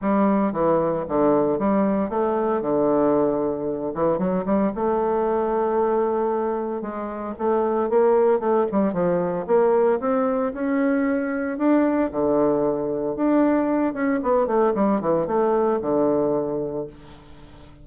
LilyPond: \new Staff \with { instrumentName = "bassoon" } { \time 4/4 \tempo 4 = 114 g4 e4 d4 g4 | a4 d2~ d8 e8 | fis8 g8 a2.~ | a4 gis4 a4 ais4 |
a8 g8 f4 ais4 c'4 | cis'2 d'4 d4~ | d4 d'4. cis'8 b8 a8 | g8 e8 a4 d2 | }